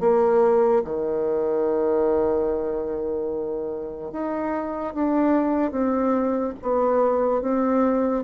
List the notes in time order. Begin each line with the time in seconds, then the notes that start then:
0.00 A#3
0.84 D#3
4.12 D#4
4.94 D4
5.71 C4
6.62 B3
7.42 C4